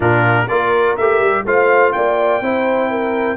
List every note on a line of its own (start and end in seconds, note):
0.00 0.47 A#2
0.00 0.46 D4
0.00 0.47 F4
0.00 0.48 A#4
0.47 0.96 A#3
0.47 0.97 F4
0.47 1.44 A#4
0.47 0.96 D5
0.96 1.20 A3
0.96 1.46 G4
0.96 1.45 E5
1.20 1.44 G3
1.45 1.93 A3
1.45 2.42 F4
1.45 1.94 C5
1.45 1.92 F5
1.92 2.40 A#3
1.92 2.43 D5
1.92 3.36 G5
2.40 3.36 C4
2.40 3.36 E4
2.40 2.90 C5
2.90 3.36 A#4